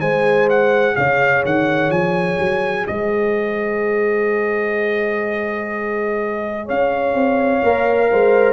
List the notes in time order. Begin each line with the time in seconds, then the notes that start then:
0.00 G#3 G#4 C5 G#5
0.49 F#5
0.96 C#3 C#5 F5
1.45 D#3 F#5
1.90 F3 G#5
2.38 F#3
2.86 G#3 C5 D#5
6.65 C#4 C#5 F5
7.14 C4
7.63 A#3 A#4
8.11 G#3 C5